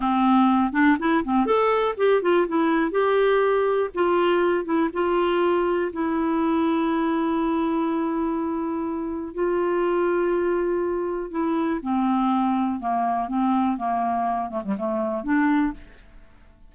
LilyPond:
\new Staff \with { instrumentName = "clarinet" } { \time 4/4 \tempo 4 = 122 c'4. d'8 e'8 c'8 a'4 | g'8 f'8 e'4 g'2 | f'4. e'8 f'2 | e'1~ |
e'2. f'4~ | f'2. e'4 | c'2 ais4 c'4 | ais4. a16 g16 a4 d'4 | }